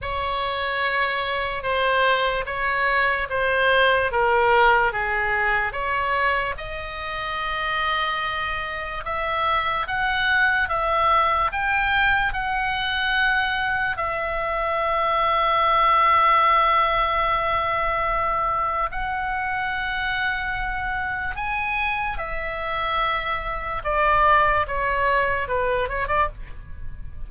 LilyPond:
\new Staff \with { instrumentName = "oboe" } { \time 4/4 \tempo 4 = 73 cis''2 c''4 cis''4 | c''4 ais'4 gis'4 cis''4 | dis''2. e''4 | fis''4 e''4 g''4 fis''4~ |
fis''4 e''2.~ | e''2. fis''4~ | fis''2 gis''4 e''4~ | e''4 d''4 cis''4 b'8 cis''16 d''16 | }